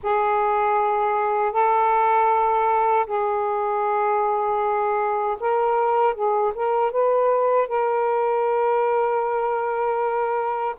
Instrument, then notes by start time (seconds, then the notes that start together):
saxophone
0.02 G#4
1.52 A4
3.06 G#4
5.40 A#4
6.14 G#4
6.55 A#4
6.91 B4
7.67 A#4